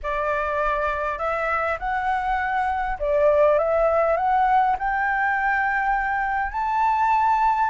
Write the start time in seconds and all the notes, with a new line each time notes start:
0.02 D5
1.18 E5
1.79 F#5
2.99 D5
3.58 E5
4.17 F#5
4.78 G5
6.52 A5